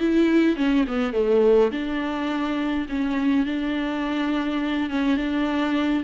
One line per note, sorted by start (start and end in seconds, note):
0.00 0.56 E4
0.56 0.85 C#4
0.88 1.13 B3
1.13 1.71 A3
1.71 2.87 D4
2.89 3.46 C#4
3.46 4.90 D4
4.90 5.17 C#4
5.17 6.03 D4